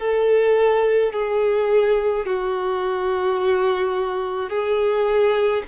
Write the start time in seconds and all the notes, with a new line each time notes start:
0.00 A4
1.13 G#4
2.26 F#4
4.50 G#4